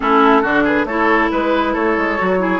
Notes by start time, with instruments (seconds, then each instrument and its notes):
0.00 bassoon A3, clarinet C#4, oboe E4, flute A4
0.41 bassoon D3, clarinet D4, oboe F#4
0.63 oboe G#4, flute B4
0.84 bassoon A3, clarinet E4, oboe A4, flute C#5
1.31 bassoon G#3, oboe B4, flute B4
1.73 bassoon A3, oboe A4, flute C#5
1.97 bassoon G#3
2.18 bassoon F#3, clarinet F#4
2.39 clarinet E4, oboe G#4